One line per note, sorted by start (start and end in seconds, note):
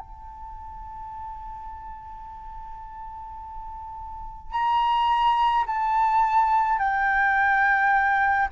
0.00 4.52 A5
4.52 5.66 A#5
5.67 6.79 A5
6.79 8.49 G5